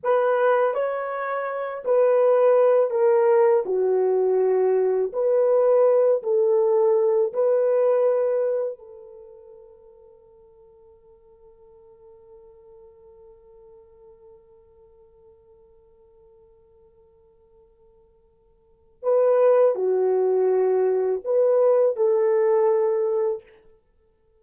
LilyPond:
\new Staff \with { instrumentName = "horn" } { \time 4/4 \tempo 4 = 82 b'4 cis''4. b'4. | ais'4 fis'2 b'4~ | b'8 a'4. b'2 | a'1~ |
a'1~ | a'1~ | a'2 b'4 fis'4~ | fis'4 b'4 a'2 | }